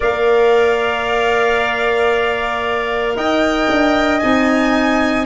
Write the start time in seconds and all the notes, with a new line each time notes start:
0.00 A#3 A#4 D5 F5
3.15 D#4 D#5 G5
3.69 D4
4.19 C4 D#4 G#5